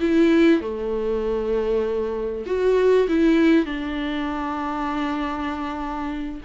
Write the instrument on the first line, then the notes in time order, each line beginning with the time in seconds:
viola
0.00 E4
0.60 A3
2.46 F#4
3.08 E4
3.65 D4